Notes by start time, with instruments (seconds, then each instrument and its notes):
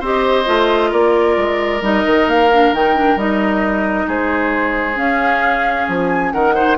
0.00 bassoon C4, clarinet G4, oboe C5, flute D#5
0.45 bassoon A3, clarinet F4
0.90 bassoon A#3, oboe A#4, flute D5
1.37 bassoon G#3
1.82 bassoon G3, clarinet D#4, flute D#5
2.06 bassoon D#3
2.27 bassoon A#3, flute F5
2.53 clarinet D4
2.72 bassoon D#3, clarinet D#4, flute G5
2.95 clarinet D4
3.16 bassoon G3, clarinet D#4, flute D#5
4.08 bassoon G#3, oboe G#4, flute C5
4.95 clarinet C#4, bassoon C#4, flute F5
5.89 bassoon F3, flute G#5
6.32 bassoon D#3, oboe A#4, flute F#5
6.55 clarinet D#4, oboe C5